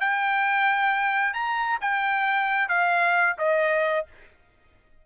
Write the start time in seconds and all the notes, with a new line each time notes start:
0.00 G5
1.33 A#5
1.81 G5
2.69 F5
3.38 D#5